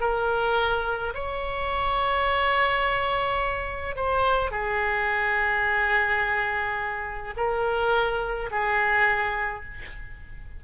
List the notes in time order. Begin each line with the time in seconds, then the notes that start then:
0.00 A#4
1.14 C#5
3.95 C5
4.51 G#4
7.36 A#4
8.51 G#4